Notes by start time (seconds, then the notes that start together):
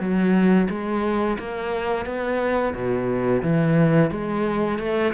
0.00 F#3
0.69 G#3
1.39 A#3
2.05 B3
2.74 B2
3.42 E3
4.11 G#3
4.79 A3